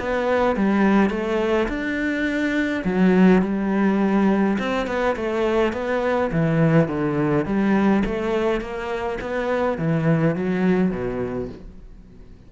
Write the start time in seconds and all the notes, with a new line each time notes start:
0.00 B3
0.56 G3
1.10 A3
1.69 D4
2.85 F#3
3.42 G3
4.59 C4
4.87 B3
5.16 A3
5.73 B3
6.32 E3
6.89 D3
7.46 G3
8.06 A3
8.61 A#3
9.21 B3
9.78 E3
10.36 F#3
10.91 B2